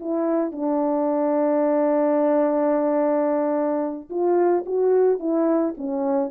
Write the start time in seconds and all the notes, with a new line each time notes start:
0.00 E4
0.52 D4
4.10 F4
4.66 F#4
5.20 E4
5.78 C#4